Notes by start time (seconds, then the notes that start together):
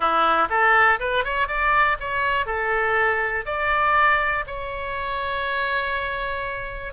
0.00 E4
0.49 A4
0.99 B4
1.24 C#5
1.47 D5
2.00 C#5
2.45 A4
3.45 D5
4.47 C#5